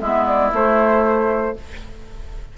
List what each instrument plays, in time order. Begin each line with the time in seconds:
0.00 bassoon G#3, clarinet B3, oboe E4, flute E5
0.27 flute D5
0.51 clarinet A3, bassoon A3, flute C5